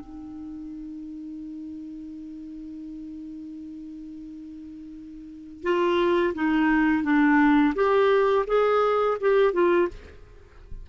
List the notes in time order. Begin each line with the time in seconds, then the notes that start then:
0.00 D#4
5.63 F4
6.35 D#4
7.03 D4
7.75 G4
8.47 G#4
9.21 G4
9.53 F4